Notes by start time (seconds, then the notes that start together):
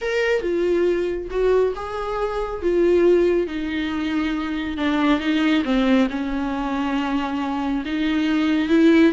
0.01 A#4
0.41 F4
1.30 F#4
1.75 G#4
2.62 F4
3.47 D#4
4.77 D4
5.19 D#4
5.64 C4
6.09 C#4
7.85 D#4
8.69 E4